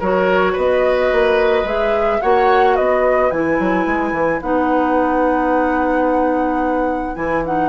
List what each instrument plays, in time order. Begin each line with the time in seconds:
0.00 bassoon F#3, clarinet F#4, oboe A#4, flute C#5
0.53 bassoon B3, oboe B4, flute D#5
1.12 bassoon A#3
1.64 bassoon G#3, clarinet G#4, flute E5
2.22 bassoon A#3, clarinet F#4, oboe C#5, flute F#5
2.76 bassoon B3, oboe B4, flute D#5
3.31 bassoon E3, clarinet E4, flute G#5
3.60 bassoon F#3
3.86 bassoon G#3
4.12 bassoon E3
4.42 bassoon B3, clarinet D#4, flute F#5
7.15 bassoon E3, clarinet E4, flute G#5
7.46 clarinet D#4, flute F#5